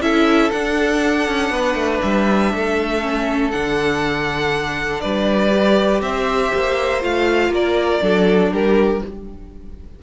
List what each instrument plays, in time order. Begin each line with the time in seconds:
0.00 cello C#4, viola E4, violin A4 E5
0.50 viola D4, cello D4, violin F#5
1.28 cello C#4
1.50 cello B3, violin B4
1.74 cello A3
2.01 cello G3, violin E5
2.53 cello A3, violin A4
3.01 viola C#4
3.51 cello D3, viola D4, violin F#5
5.00 cello G3, violin B4 D5
5.51 viola G4
6.01 cello C4, violin C5 E5
6.54 cello A#3
7.01 cello A3, viola F4, violin F5
7.49 cello A#3, violin A#4 D5
8.01 cello F#3, viola D4, violin A4
8.51 cello G3, violin G4 A#4